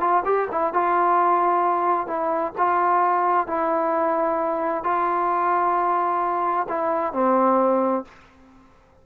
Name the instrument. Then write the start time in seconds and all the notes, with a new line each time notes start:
trombone
0.00 F4
0.25 G4
0.51 E4
0.73 F4
2.07 E4
2.58 F4
3.47 E4
4.83 F4
6.68 E4
7.13 C4